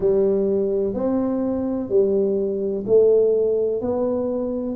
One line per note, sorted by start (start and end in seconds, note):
0.00 0.94 G3
0.94 1.89 C4
1.89 2.84 G3
2.86 3.81 A3
3.81 4.75 B3